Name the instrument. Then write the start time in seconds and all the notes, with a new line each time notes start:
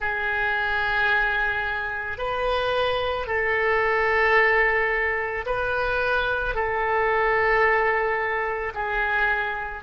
oboe
0.00 G#4
2.18 B4
3.27 A4
5.45 B4
6.55 A4
8.74 G#4